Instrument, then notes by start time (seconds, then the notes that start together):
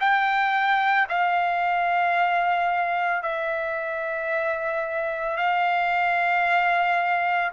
trumpet
0.00 G5
1.09 F5
3.22 E5
5.37 F5